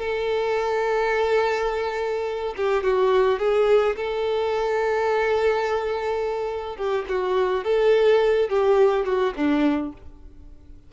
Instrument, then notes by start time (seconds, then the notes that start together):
violin
0.00 A4
2.57 G4
2.84 F#4
3.39 G#4
3.96 A4
6.77 G4
7.09 F#4
7.64 A4
8.50 G4
9.05 F#4
9.36 D4